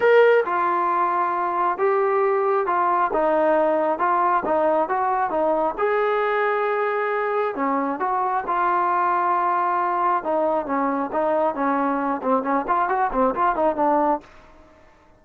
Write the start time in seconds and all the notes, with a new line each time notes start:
0.00 A#4
0.45 F4
1.78 G4
2.66 F4
3.13 D#4
3.98 F4
4.45 D#4
4.88 F#4
5.30 D#4
5.78 G#4
7.55 C#4
7.99 F#4
8.46 F4
10.23 D#4
10.65 C#4
11.12 D#4
11.54 C#4
12.22 C4
12.42 C#4
12.67 F4
12.88 F#4
13.12 C4
13.35 F4
13.55 D#4
13.75 D4